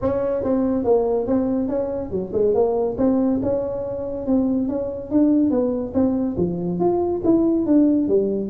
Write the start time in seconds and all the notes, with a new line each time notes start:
0.01 C#4
0.43 C4
0.84 A#3
1.26 C4
1.68 C#4
2.10 F#3
2.32 G#3
2.54 A#3
2.97 C4
3.42 C#4
4.26 C4
4.68 C#4
5.11 D4
5.50 B3
5.94 C4
6.37 F3
6.79 F4
7.24 E4
7.66 D4
8.08 G3